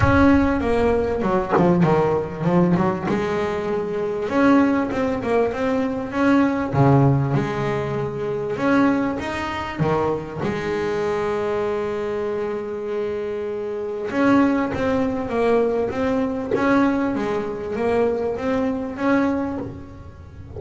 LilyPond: \new Staff \with { instrumentName = "double bass" } { \time 4/4 \tempo 4 = 98 cis'4 ais4 fis8 f8 dis4 | f8 fis8 gis2 cis'4 | c'8 ais8 c'4 cis'4 cis4 | gis2 cis'4 dis'4 |
dis4 gis2.~ | gis2. cis'4 | c'4 ais4 c'4 cis'4 | gis4 ais4 c'4 cis'4 | }